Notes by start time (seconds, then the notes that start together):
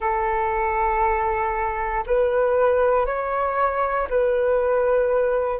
0.00 A4
2.06 B4
3.06 C#5
4.09 B4